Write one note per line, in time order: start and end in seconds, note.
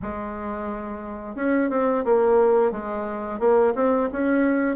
0.02 1.35 G#3
1.35 1.70 C#4
1.70 2.04 C4
2.05 2.71 A#3
2.71 3.39 G#3
3.39 3.73 A#3
3.75 4.09 C4
4.12 4.75 C#4